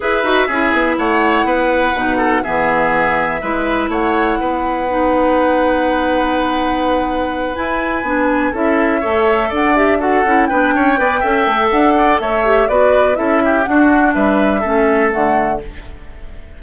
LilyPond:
<<
  \new Staff \with { instrumentName = "flute" } { \time 4/4 \tempo 4 = 123 e''2 fis''2~ | fis''4 e''2. | fis''1~ | fis''2.~ fis''8 gis''8~ |
gis''4. e''2 fis''8 | e''8 fis''4 g''2~ g''8 | fis''4 e''4 d''4 e''4 | fis''4 e''2 fis''4 | }
  \new Staff \with { instrumentName = "oboe" } { \time 4/4 b'4 gis'4 cis''4 b'4~ | b'8 a'8 gis'2 b'4 | cis''4 b'2.~ | b'1~ |
b'4. a'4 cis''4 d''8~ | d''8 a'4 b'8 cis''8 d''8 e''4~ | e''8 d''8 cis''4 b'4 a'8 g'8 | fis'4 b'4 a'2 | }
  \new Staff \with { instrumentName = "clarinet" } { \time 4/4 gis'8 fis'8 e'2. | dis'4 b2 e'4~ | e'2 dis'2~ | dis'2.~ dis'8 e'8~ |
e'8 d'4 e'4 a'4. | g'8 fis'8 e'8 d'4 b'8 a'4~ | a'4. g'8 fis'4 e'4 | d'2 cis'4 a4 | }
  \new Staff \with { instrumentName = "bassoon" } { \time 4/4 e'8 dis'8 cis'8 b8 a4 b4 | b,4 e2 gis4 | a4 b2.~ | b2.~ b8 e'8~ |
e'8 b4 cis'4 a4 d'8~ | d'4 cis'8 b8 cis'8 b8 cis'8 a8 | d'4 a4 b4 cis'4 | d'4 g4 a4 d4 | }
>>